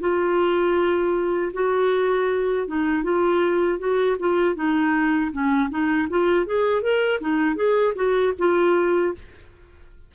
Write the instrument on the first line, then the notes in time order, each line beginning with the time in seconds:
clarinet
0.00 F4
1.53 F#4
2.67 D#4
3.03 F4
3.79 F#4
4.19 F4
4.55 D#4
5.32 C#4
5.70 D#4
6.10 F4
6.46 G#4
6.82 A#4
7.20 D#4
7.56 G#4
7.95 F#4
8.38 F4